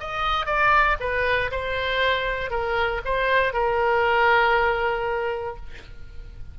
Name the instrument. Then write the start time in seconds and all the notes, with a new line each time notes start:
oboe
0.00 D#5
0.46 D5
1.00 B4
1.51 C5
2.50 A#4
3.05 C5
3.53 A#4